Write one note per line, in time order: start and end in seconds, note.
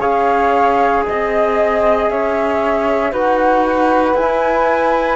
0.00 1.04 C#4
0.00 3.12 G#4
0.00 1.04 C#5
0.00 1.03 F5
1.06 2.10 C4
1.06 2.09 D#5
2.09 3.12 C#4
2.09 3.12 C#5
2.09 3.13 E5
3.12 4.14 D#4
3.12 4.16 F#4
3.12 5.16 B4
3.12 4.16 F#5
4.14 5.16 E4
4.14 5.16 G#5